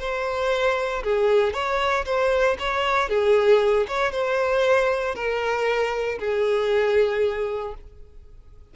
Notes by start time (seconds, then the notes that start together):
0.00 C5
1.04 G#4
1.54 C#5
2.06 C5
2.59 C#5
3.09 G#4
3.88 C#5
4.12 C5
5.15 A#4
6.20 G#4